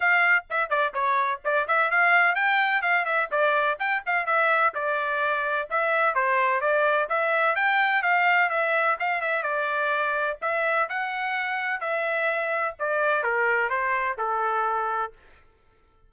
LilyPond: \new Staff \with { instrumentName = "trumpet" } { \time 4/4 \tempo 4 = 127 f''4 e''8 d''8 cis''4 d''8 e''8 | f''4 g''4 f''8 e''8 d''4 | g''8 f''8 e''4 d''2 | e''4 c''4 d''4 e''4 |
g''4 f''4 e''4 f''8 e''8 | d''2 e''4 fis''4~ | fis''4 e''2 d''4 | ais'4 c''4 a'2 | }